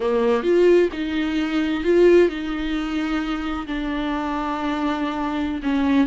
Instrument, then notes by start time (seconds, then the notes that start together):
viola
0.00 A#3
0.43 F4
0.92 D#4
1.83 F4
2.28 D#4
3.66 D4
5.62 C#4